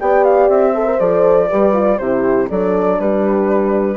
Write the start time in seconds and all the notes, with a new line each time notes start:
0.00 B3 G4 D5 G5
0.24 F5
0.49 C4 E5
0.73 A4 C5
0.85 A#4
0.99 F3 A4 D5
1.49 G3 G4 B4
1.73 F4
1.98 C3 E4 G4 C5
2.49 F#3 D4 A4 D5
2.99 G3 G4 B4